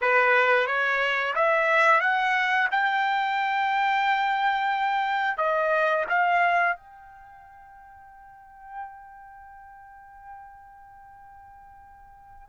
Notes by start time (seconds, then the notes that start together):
0.01 B4
0.66 C#5
1.35 E5
2.00 F#5
2.71 G5
5.37 D#5
6.09 F5
6.76 G5